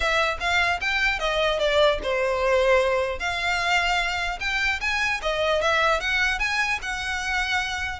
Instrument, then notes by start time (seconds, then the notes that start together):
violin
0.00 E5
0.40 F5
0.81 G5
1.19 D#5
1.59 D5
2.03 C5
3.19 F5
4.39 G5
4.80 G#5
5.21 D#5
5.61 E5
6.00 F#5
6.39 G#5
6.81 F#5